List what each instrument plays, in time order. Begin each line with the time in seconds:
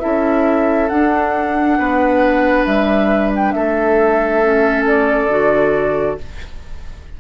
0.00 bassoon C#4, clarinet E4, oboe A4, flute E5
0.88 clarinet D4, bassoon D4, flute F#5
1.78 bassoon B3, oboe B4
2.65 bassoon G3, flute E5
3.36 flute G5
3.52 bassoon A3, oboe A4, flute E5
4.43 clarinet C#4
4.87 flute D5
5.28 bassoon D3, clarinet F#4